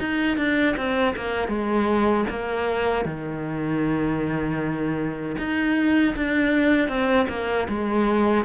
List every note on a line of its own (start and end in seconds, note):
0.00 0.38 D#4
0.38 0.76 D4
0.77 1.16 C4
1.17 1.48 A#3
1.48 2.25 G#3
2.30 3.06 A#3
3.06 5.36 D#3
5.38 6.15 D#4
6.16 6.89 D4
6.89 7.27 C4
7.29 7.68 A#3
7.69 8.45 G#3